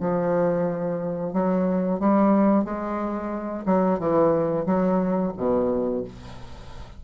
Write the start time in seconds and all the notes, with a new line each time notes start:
0.00 F3
1.33 F#3
2.00 G3
2.64 G#3
3.66 F#3
3.99 E3
4.66 F#3
5.37 B2